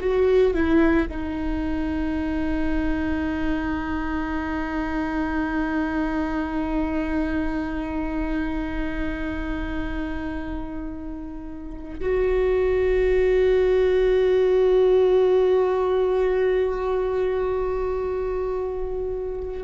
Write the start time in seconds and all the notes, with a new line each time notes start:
0.00 F#4
0.54 E4
1.09 D#4
12.00 F#4